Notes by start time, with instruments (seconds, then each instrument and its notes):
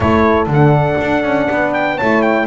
0.00 double bass A3, horn E4 A4, trumpet C#5
0.46 double bass D3, horn D4
0.53 trumpet F#5
1.00 double bass D4
1.23 double bass C#4
1.49 double bass B3, horn B4
1.73 trumpet G5
1.96 double bass A3, horn E4 C#5, trumpet A5
2.22 trumpet G5